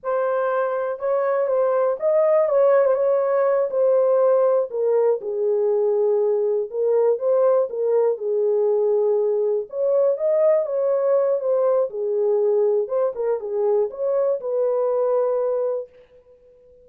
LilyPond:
\new Staff \with { instrumentName = "horn" } { \time 4/4 \tempo 4 = 121 c''2 cis''4 c''4 | dis''4 cis''8. c''16 cis''4. c''8~ | c''4. ais'4 gis'4.~ | gis'4. ais'4 c''4 ais'8~ |
ais'8 gis'2. cis''8~ | cis''8 dis''4 cis''4. c''4 | gis'2 c''8 ais'8 gis'4 | cis''4 b'2. | }